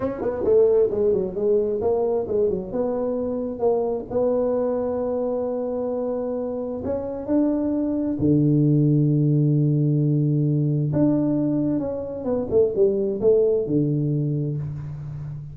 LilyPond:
\new Staff \with { instrumentName = "tuba" } { \time 4/4 \tempo 4 = 132 cis'8 b8 a4 gis8 fis8 gis4 | ais4 gis8 fis8 b2 | ais4 b2.~ | b2. cis'4 |
d'2 d2~ | d1 | d'2 cis'4 b8 a8 | g4 a4 d2 | }